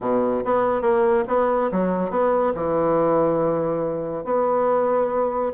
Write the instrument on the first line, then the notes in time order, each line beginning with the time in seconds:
bassoon
0.01 B2
0.44 B3
0.81 A#3
1.27 B3
1.71 F#3
2.10 B3
2.54 E3
4.24 B3